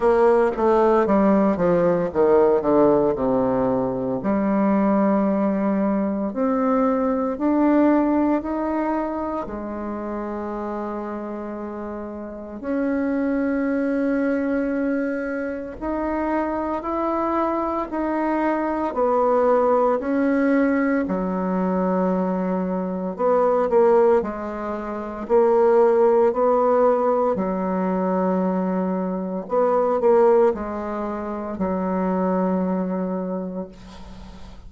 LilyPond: \new Staff \with { instrumentName = "bassoon" } { \time 4/4 \tempo 4 = 57 ais8 a8 g8 f8 dis8 d8 c4 | g2 c'4 d'4 | dis'4 gis2. | cis'2. dis'4 |
e'4 dis'4 b4 cis'4 | fis2 b8 ais8 gis4 | ais4 b4 fis2 | b8 ais8 gis4 fis2 | }